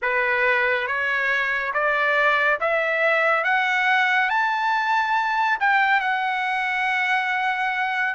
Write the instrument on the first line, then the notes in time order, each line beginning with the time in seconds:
trumpet
0.02 B4
0.86 C#5
1.73 D5
2.60 E5
3.44 F#5
4.29 A5
5.59 G5
6.00 F#5